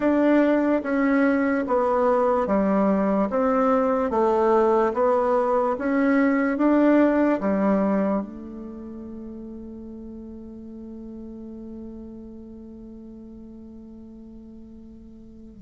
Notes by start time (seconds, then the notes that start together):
0.00 D4
0.82 C#4
1.67 B3
2.46 G3
3.30 C4
4.10 A3
4.93 B3
5.78 C#4
6.57 D4
7.40 G3
8.21 A3